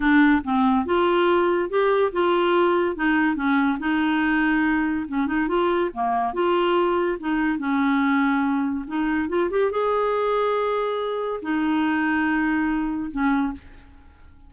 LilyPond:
\new Staff \with { instrumentName = "clarinet" } { \time 4/4 \tempo 4 = 142 d'4 c'4 f'2 | g'4 f'2 dis'4 | cis'4 dis'2. | cis'8 dis'8 f'4 ais4 f'4~ |
f'4 dis'4 cis'2~ | cis'4 dis'4 f'8 g'8 gis'4~ | gis'2. dis'4~ | dis'2. cis'4 | }